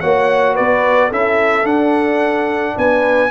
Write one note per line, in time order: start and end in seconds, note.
0.00 0.59 A#3
0.00 1.12 F#4
0.00 0.54 C#5
0.00 0.56 F#5
0.54 1.11 B3
0.54 1.08 B4
0.54 1.11 D5
1.08 1.63 C#4
1.08 1.63 E4
1.08 2.75 A4
1.08 1.66 E5
1.63 3.29 D4
1.63 2.74 D4
1.63 2.77 F#5
2.76 3.31 B3
2.76 3.31 B4
2.76 3.31 G#5